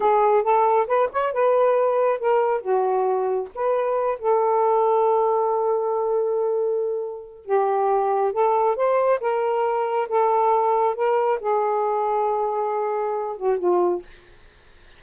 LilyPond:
\new Staff \with { instrumentName = "saxophone" } { \time 4/4 \tempo 4 = 137 gis'4 a'4 b'8 cis''8 b'4~ | b'4 ais'4 fis'2 | b'4. a'2~ a'8~ | a'1~ |
a'4 g'2 a'4 | c''4 ais'2 a'4~ | a'4 ais'4 gis'2~ | gis'2~ gis'8 fis'8 f'4 | }